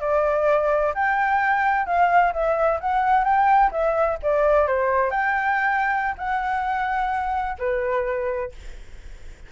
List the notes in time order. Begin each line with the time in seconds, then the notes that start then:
0.00 D5
0.94 G5
1.86 F5
2.33 E5
2.80 F#5
3.24 G5
3.71 E5
4.22 D5
4.67 C5
5.10 G5
6.18 F#5
7.58 B4